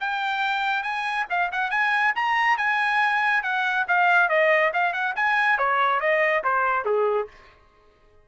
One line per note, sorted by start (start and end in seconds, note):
0.00 0.83 G5
0.83 1.26 G#5
1.30 1.51 F5
1.52 1.70 F#5
1.70 2.13 G#5
2.15 2.57 A#5
2.57 3.43 G#5
3.43 3.86 F#5
3.88 4.29 F5
4.29 4.71 D#5
4.73 4.93 F5
4.93 5.14 F#5
5.16 5.58 G#5
5.58 6.00 C#5
6.00 6.43 D#5
6.43 6.85 C5
6.85 7.28 G#4